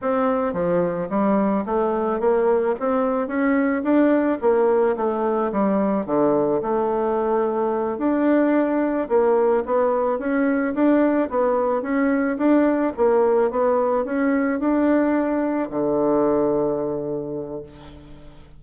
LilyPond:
\new Staff \with { instrumentName = "bassoon" } { \time 4/4 \tempo 4 = 109 c'4 f4 g4 a4 | ais4 c'4 cis'4 d'4 | ais4 a4 g4 d4 | a2~ a8 d'4.~ |
d'8 ais4 b4 cis'4 d'8~ | d'8 b4 cis'4 d'4 ais8~ | ais8 b4 cis'4 d'4.~ | d'8 d2.~ d8 | }